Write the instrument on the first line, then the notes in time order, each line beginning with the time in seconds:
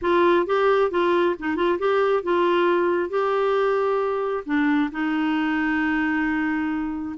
clarinet
0.01 F4
0.46 G4
0.90 F4
1.39 D#4
1.55 F4
1.78 G4
2.23 F4
3.09 G4
4.45 D4
4.91 D#4